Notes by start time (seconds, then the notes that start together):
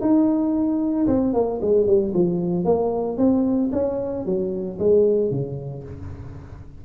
0.00 D#4
1.06 C4
1.33 A#3
1.61 G#3
1.86 G3
2.13 F3
2.64 A#3
3.17 C4
3.72 C#4
4.25 F#3
4.78 G#3
5.30 C#3